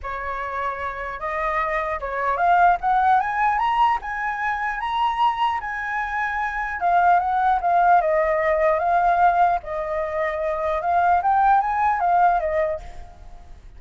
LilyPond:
\new Staff \with { instrumentName = "flute" } { \time 4/4 \tempo 4 = 150 cis''2. dis''4~ | dis''4 cis''4 f''4 fis''4 | gis''4 ais''4 gis''2 | ais''2 gis''2~ |
gis''4 f''4 fis''4 f''4 | dis''2 f''2 | dis''2. f''4 | g''4 gis''4 f''4 dis''4 | }